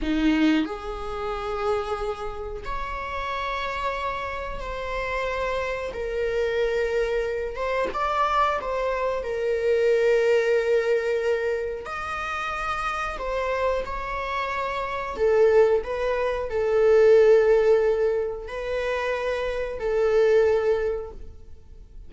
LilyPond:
\new Staff \with { instrumentName = "viola" } { \time 4/4 \tempo 4 = 91 dis'4 gis'2. | cis''2. c''4~ | c''4 ais'2~ ais'8 c''8 | d''4 c''4 ais'2~ |
ais'2 dis''2 | c''4 cis''2 a'4 | b'4 a'2. | b'2 a'2 | }